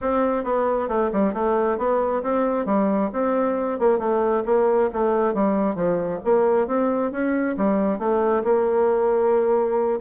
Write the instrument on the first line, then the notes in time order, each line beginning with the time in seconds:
bassoon
0.01 C4
0.44 B3
0.88 A3
1.12 G3
1.33 A3
1.78 B3
2.23 C4
2.65 G3
3.12 C4
3.79 A#3
3.98 A3
4.45 A#3
4.93 A3
5.34 G3
5.75 F3
6.24 A#3
6.67 C4
7.11 C#4
7.57 G3
7.99 A3
8.44 A#3